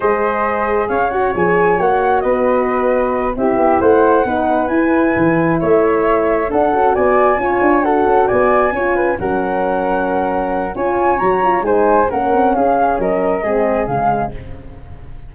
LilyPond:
<<
  \new Staff \with { instrumentName = "flute" } { \time 4/4 \tempo 4 = 134 dis''2 f''8 fis''8 gis''4 | fis''4 dis''2~ dis''8 e''8~ | e''8 fis''2 gis''4.~ | gis''8 e''2 fis''4 gis''8~ |
gis''4. fis''4 gis''4.~ | gis''8 fis''2.~ fis''8 | gis''4 ais''4 gis''4 fis''4 | f''4 dis''2 f''4 | }
  \new Staff \with { instrumentName = "flute" } { \time 4/4 c''2 cis''2~ | cis''4 b'2~ b'8 g'8~ | g'8 c''4 b'2~ b'8~ | b'8 cis''2 a'4 d''8~ |
d''8 cis''4 a'4 d''4 cis''8 | b'8 ais'2.~ ais'8 | cis''2 c''4 ais'4 | gis'4 ais'4 gis'2 | }
  \new Staff \with { instrumentName = "horn" } { \time 4/4 gis'2~ gis'8 fis'8 gis'4 | fis'2.~ fis'8 e'8~ | e'4. dis'4 e'4.~ | e'2~ e'8 d'8 fis'4~ |
fis'8 f'4 fis'2 f'8~ | f'8 cis'2.~ cis'8 | f'4 fis'8 f'8 dis'4 cis'4~ | cis'2 c'4 gis4 | }
  \new Staff \with { instrumentName = "tuba" } { \time 4/4 gis2 cis'4 f4 | ais4 b2~ b8 c'8 | b8 a4 b4 e'4 e8~ | e8 a2 d'8 cis'8 b8~ |
b8 cis'8 d'4 cis'8 b4 cis'8~ | cis'8 fis2.~ fis8 | cis'4 fis4 gis4 ais8 c'8 | cis'4 fis4 gis4 cis4 | }
>>